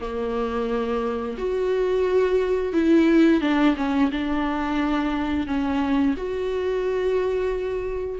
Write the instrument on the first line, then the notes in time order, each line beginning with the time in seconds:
viola
0.00 A#3
1.38 F#4
2.73 E4
3.41 D4
3.77 C#4
4.11 D4
5.47 C#4
6.17 F#4